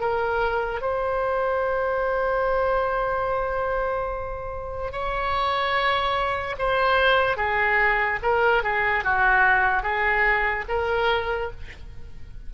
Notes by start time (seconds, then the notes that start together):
0.00 A#4
0.81 C5
4.92 C#5
6.58 C5
7.37 G#4
8.22 A#4
8.63 G#4
9.04 F#4
9.83 G#4
10.68 A#4